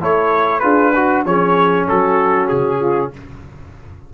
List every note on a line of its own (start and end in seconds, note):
0.00 0.64 A3
0.00 0.62 E4
0.00 0.62 A4
0.00 0.60 C#5
0.60 1.25 D4
0.60 0.94 F4
0.60 0.94 G#4
0.60 1.23 B4
0.94 1.25 F#4
0.94 1.27 F#4
1.25 1.88 F3
1.25 3.14 C#4
1.25 1.89 G#4
1.25 1.88 C#5
1.89 2.52 F#3
1.89 2.80 F#4
1.89 2.49 A4
2.49 3.14 C#3
2.49 3.11 G#4
2.80 3.12 F4